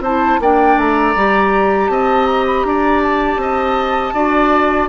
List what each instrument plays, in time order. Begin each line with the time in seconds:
0.00 bassoon C4, clarinet E4, oboe C5, flute A5
0.40 bassoon A#3, clarinet D4, oboe D5, flute G5
0.77 bassoon A3, flute A#5
1.16 bassoon G3, clarinet G4
1.89 bassoon C4, oboe D#5, flute A5
2.25 flute A#5
2.47 flute B5
2.64 bassoon D4, oboe D5, flute A#5
3.03 flute A5
3.37 bassoon C4, oboe D#5
4.14 bassoon D4, clarinet F#4, oboe D5